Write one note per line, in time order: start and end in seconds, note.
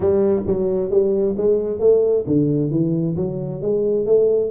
0.00 0.42 G3
0.47 0.90 F#3
0.90 1.35 G3
1.37 1.79 G#3
1.79 2.24 A3
2.26 2.70 D3
2.70 3.16 E3
3.16 3.61 F#3
3.61 4.05 G#3
4.05 4.50 A3